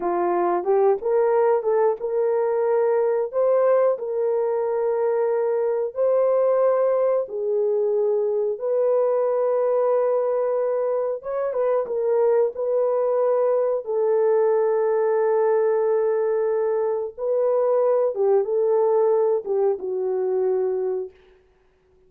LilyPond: \new Staff \with { instrumentName = "horn" } { \time 4/4 \tempo 4 = 91 f'4 g'8 ais'4 a'8 ais'4~ | ais'4 c''4 ais'2~ | ais'4 c''2 gis'4~ | gis'4 b'2.~ |
b'4 cis''8 b'8 ais'4 b'4~ | b'4 a'2.~ | a'2 b'4. g'8 | a'4. g'8 fis'2 | }